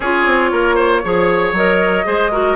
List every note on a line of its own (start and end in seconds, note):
0.00 0.25 C#4
0.00 1.03 F4
0.00 0.50 G#4
0.00 1.52 C#5
0.26 0.51 C4
0.52 1.03 A#3
0.52 0.75 A#4
0.75 1.01 C5
1.03 1.52 F3
1.03 1.55 G#4
1.03 2.06 C#5
1.52 2.03 F#3
1.52 2.04 A#4
1.52 2.55 D#5
2.04 2.55 G#3
2.04 2.30 G#4
2.04 2.31 C5
2.31 2.55 F#4
2.31 2.55 A#4